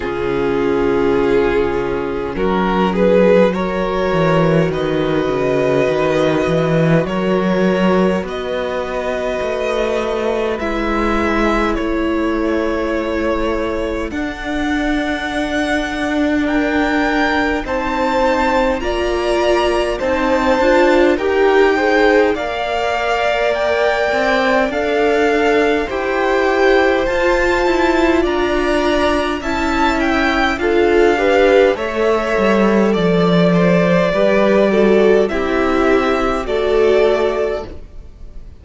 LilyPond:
<<
  \new Staff \with { instrumentName = "violin" } { \time 4/4 \tempo 4 = 51 gis'2 ais'8 b'8 cis''4 | dis''2 cis''4 dis''4~ | dis''4 e''4 cis''2 | fis''2 g''4 a''4 |
ais''4 a''4 g''4 f''4 | g''4 f''4 g''4 a''4 | ais''4 a''8 g''8 f''4 e''4 | d''2 e''4 d''4 | }
  \new Staff \with { instrumentName = "violin" } { \time 4/4 f'2 fis'8 gis'8 ais'4 | b'2 ais'4 b'4~ | b'2 a'2~ | a'2 ais'4 c''4 |
d''4 c''4 ais'8 c''8 d''4~ | d''2 c''2 | d''4 e''4 a'8 b'8 cis''4 | d''8 c''8 b'8 a'8 g'4 a'4 | }
  \new Staff \with { instrumentName = "viola" } { \time 4/4 cis'2. fis'4~ | fis'1~ | fis'4 e'2. | d'2. dis'4 |
f'4 dis'8 f'8 g'8 gis'8 ais'4~ | ais'4 a'4 g'4 f'4~ | f'4 e'4 f'8 g'8 a'4~ | a'4 g'8 fis'8 e'4 fis'4 | }
  \new Staff \with { instrumentName = "cello" } { \time 4/4 cis2 fis4. e8 | dis8 cis8 dis8 e8 fis4 b4 | a4 gis4 a2 | d'2. c'4 |
ais4 c'8 d'8 dis'4 ais4~ | ais8 c'8 d'4 e'4 f'8 e'8 | d'4 cis'4 d'4 a8 g8 | f4 g4 c'4 a4 | }
>>